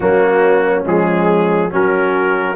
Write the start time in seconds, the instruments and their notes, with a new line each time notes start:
0.00 tuba F#3, trombone A#3, horn C#4, trumpet F#4
0.84 tuba F3, trombone G#3, trumpet G#4
1.70 tuba F#3, trombone C#4, horn F#4, trumpet A#4